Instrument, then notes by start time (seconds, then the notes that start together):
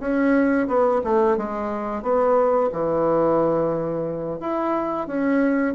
bassoon
0.00 C#4
0.67 B3
1.04 A3
1.37 G#3
2.03 B3
2.72 E3
4.40 E4
5.07 C#4